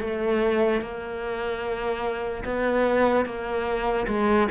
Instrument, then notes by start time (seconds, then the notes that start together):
cello
0.00 A3
0.81 A#3
2.44 B3
3.25 A#3
4.07 G#3